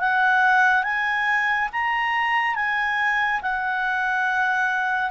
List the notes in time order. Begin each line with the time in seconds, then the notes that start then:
0.00 F#5
0.83 G#5
1.73 A#5
2.56 G#5
3.42 F#5